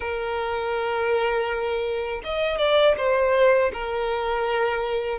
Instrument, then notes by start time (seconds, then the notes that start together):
violin
0.00 A#4
2.24 D#5
2.58 D5
2.97 C5
3.73 A#4